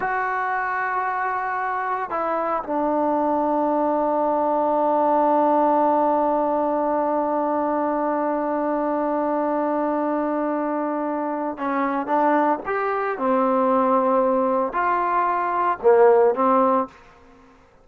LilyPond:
\new Staff \with { instrumentName = "trombone" } { \time 4/4 \tempo 4 = 114 fis'1 | e'4 d'2.~ | d'1~ | d'1~ |
d'1~ | d'2 cis'4 d'4 | g'4 c'2. | f'2 ais4 c'4 | }